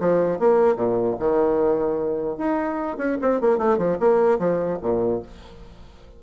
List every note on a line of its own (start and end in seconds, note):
0.00 0.39 F3
0.39 0.76 A#3
0.76 1.16 A#2
1.19 2.37 D#3
2.37 2.97 D#4
2.97 3.17 C#4
3.21 3.40 C4
3.40 3.58 A#3
3.58 3.78 A3
3.78 3.98 F3
3.99 4.39 A#3
4.39 4.79 F3
4.82 5.22 A#2